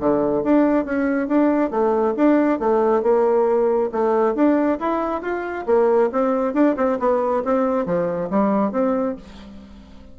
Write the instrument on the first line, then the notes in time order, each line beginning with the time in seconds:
bassoon
0.00 D3
0.44 D4
0.86 C#4
1.28 D4
1.71 A3
2.17 D4
2.60 A3
3.03 A#3
3.92 A3
4.35 D4
4.80 E4
5.22 F4
5.67 A#3
6.13 C4
6.54 D4
6.77 C4
7.00 B3
7.45 C4
7.86 F3
8.31 G3
8.73 C4